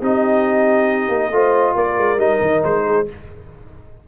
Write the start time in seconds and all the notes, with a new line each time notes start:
0.00 C4 D#4 G4 D#5
1.08 A#3
1.31 A3 F4 C5
1.75 A#3 A#4 D5
1.97 G#3
2.17 G3 D#4 D#5
2.41 D#3
2.63 G#3 C5
2.86 G#4